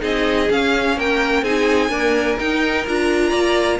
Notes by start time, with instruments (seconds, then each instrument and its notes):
0.00 cello C4, viola D#4, violin G#4 D#5
0.50 cello C#4, viola C#4, violin F5
0.97 cello A#3, violin A#4 G5
1.42 cello C4, viola D#4, violin G#4 G#5
1.89 viola A#3, cello D4, violin A#4
2.39 cello D#4, viola D#4, violin G5
2.87 cello D4, viola F4, violin A#5
3.29 cello A#3, violin D5